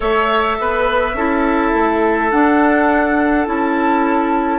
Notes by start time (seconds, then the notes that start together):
0.00 A3 A4 C#5 E5
0.60 B3 B4
1.13 C#4 E4 A4
1.74 A3
2.30 D4 F#5
3.45 C#4 E4 A5